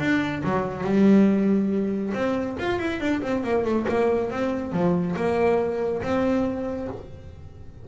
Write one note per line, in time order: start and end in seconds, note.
0.00 0.43 D4
0.44 0.85 F#3
0.85 2.13 G3
2.14 2.57 C4
2.60 2.79 F4
2.79 3.01 E4
3.01 3.22 D4
3.22 3.44 C4
3.44 3.65 A#3
3.65 3.86 A3
3.89 4.31 A#3
4.31 4.73 C4
4.73 5.16 F3
5.17 6.02 A#3
6.03 6.89 C4